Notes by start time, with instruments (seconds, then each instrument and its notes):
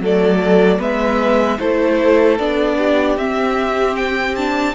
0.00 cello F#3, viola A3, violin A4 D5
0.79 cello G#3, viola B3, violin B4 E5
1.60 cello A3, viola E4, violin A4 C5
2.39 cello B3, viola D4, violin D5
2.78 violin G4
3.17 cello C4, viola C4, violin E5
3.96 violin G5
4.36 viola D4, violin A5